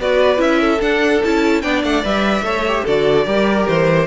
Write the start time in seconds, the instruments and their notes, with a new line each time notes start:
0.00 cello B3, viola F#4, violin B4 D5
0.37 cello C#4, viola E4, violin E5
0.61 violin A4
0.80 viola D4, cello D4, violin F#5
1.24 cello C#4, viola E4, violin A5
1.62 cello B3, viola D4, violin D5 G5
1.84 cello A3, violin F#5
2.03 cello G3, viola B4, violin E5
2.41 cello A3, viola A4, violin C#5
2.68 viola G4
2.84 cello D3, viola F#4, violin A4 D5
3.26 cello G3, viola G4, violin A#4
3.68 cello E3, violin C5